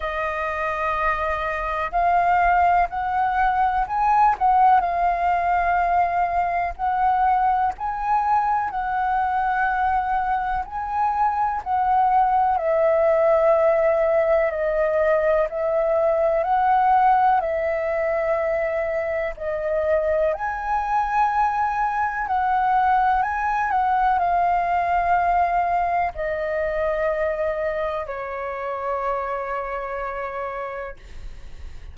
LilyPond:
\new Staff \with { instrumentName = "flute" } { \time 4/4 \tempo 4 = 62 dis''2 f''4 fis''4 | gis''8 fis''8 f''2 fis''4 | gis''4 fis''2 gis''4 | fis''4 e''2 dis''4 |
e''4 fis''4 e''2 | dis''4 gis''2 fis''4 | gis''8 fis''8 f''2 dis''4~ | dis''4 cis''2. | }